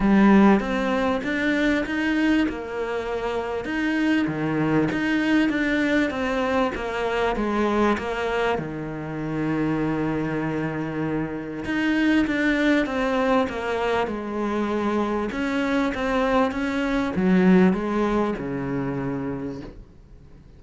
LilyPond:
\new Staff \with { instrumentName = "cello" } { \time 4/4 \tempo 4 = 98 g4 c'4 d'4 dis'4 | ais2 dis'4 dis4 | dis'4 d'4 c'4 ais4 | gis4 ais4 dis2~ |
dis2. dis'4 | d'4 c'4 ais4 gis4~ | gis4 cis'4 c'4 cis'4 | fis4 gis4 cis2 | }